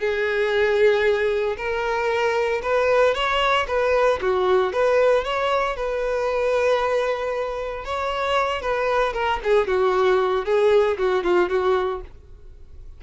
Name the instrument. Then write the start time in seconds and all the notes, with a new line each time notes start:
violin
0.00 G#4
1.57 A#4
2.63 B4
3.15 C#5
3.68 B4
4.22 F#4
4.73 B4
5.25 C#5
5.77 B4
7.85 C#5
8.62 B4
9.14 A#4
9.44 G#4
9.68 F#4
10.45 G#4
10.98 F#4
11.24 F4
11.49 F#4